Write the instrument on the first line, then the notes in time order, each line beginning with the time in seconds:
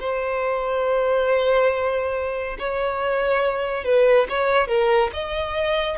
violin
0.00 C5
2.58 C#5
3.84 B4
4.29 C#5
4.68 A#4
5.13 D#5